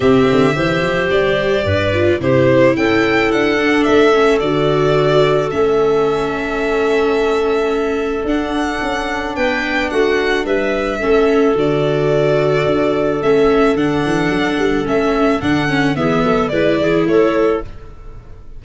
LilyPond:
<<
  \new Staff \with { instrumentName = "violin" } { \time 4/4 \tempo 4 = 109 e''2 d''2 | c''4 g''4 fis''4 e''4 | d''2 e''2~ | e''2. fis''4~ |
fis''4 g''4 fis''4 e''4~ | e''4 d''2. | e''4 fis''2 e''4 | fis''4 e''4 d''4 cis''4 | }
  \new Staff \with { instrumentName = "clarinet" } { \time 4/4 g'4 c''2 b'4 | g'4 a'2.~ | a'1~ | a'1~ |
a'4 b'4 fis'4 b'4 | a'1~ | a'1~ | a'4 gis'8 a'8 b'8 gis'8 a'4 | }
  \new Staff \with { instrumentName = "viola" } { \time 4/4 c'4 g'2~ g'8 f'8 | e'2~ e'8 d'4 cis'8 | fis'2 cis'2~ | cis'2. d'4~ |
d'1 | cis'4 fis'2. | cis'4 d'2 cis'4 | d'8 cis'8 b4 e'2 | }
  \new Staff \with { instrumentName = "tuba" } { \time 4/4 c8 d8 e8 f8 g4 g,4 | c4 cis'4 d'4 a4 | d2 a2~ | a2. d'4 |
cis'4 b4 a4 g4 | a4 d2 d'4 | a4 d8 e8 fis8 g8 a4 | d4 e8 fis8 gis8 e8 a4 | }
>>